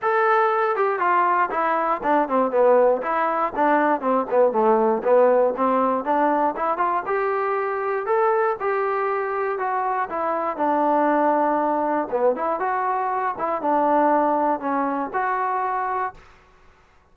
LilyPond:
\new Staff \with { instrumentName = "trombone" } { \time 4/4 \tempo 4 = 119 a'4. g'8 f'4 e'4 | d'8 c'8 b4 e'4 d'4 | c'8 b8 a4 b4 c'4 | d'4 e'8 f'8 g'2 |
a'4 g'2 fis'4 | e'4 d'2. | b8 e'8 fis'4. e'8 d'4~ | d'4 cis'4 fis'2 | }